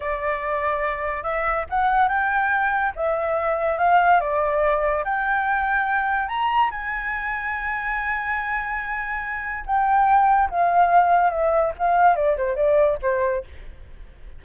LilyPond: \new Staff \with { instrumentName = "flute" } { \time 4/4 \tempo 4 = 143 d''2. e''4 | fis''4 g''2 e''4~ | e''4 f''4 d''2 | g''2. ais''4 |
gis''1~ | gis''2. g''4~ | g''4 f''2 e''4 | f''4 d''8 c''8 d''4 c''4 | }